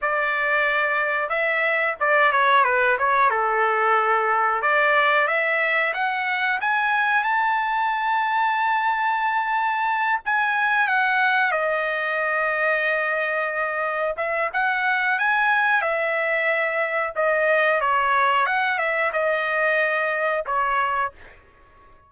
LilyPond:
\new Staff \with { instrumentName = "trumpet" } { \time 4/4 \tempo 4 = 91 d''2 e''4 d''8 cis''8 | b'8 cis''8 a'2 d''4 | e''4 fis''4 gis''4 a''4~ | a''2.~ a''8 gis''8~ |
gis''8 fis''4 dis''2~ dis''8~ | dis''4. e''8 fis''4 gis''4 | e''2 dis''4 cis''4 | fis''8 e''8 dis''2 cis''4 | }